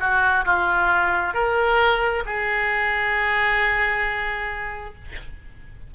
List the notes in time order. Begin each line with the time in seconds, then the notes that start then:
0.00 F#4
0.46 F4
1.34 A#4
2.26 G#4